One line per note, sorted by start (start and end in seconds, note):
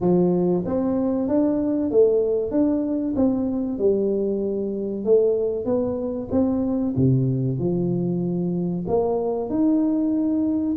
0.00 0.63 F3
0.65 1.27 C4
1.27 1.90 D4
1.90 2.51 A3
2.51 3.14 D4
3.16 3.78 C4
3.78 5.04 G3
5.04 5.65 A3
5.65 6.28 B3
6.31 6.94 C4
6.96 7.58 C3
7.58 8.85 F3
8.87 9.49 A#3
9.49 10.76 D#4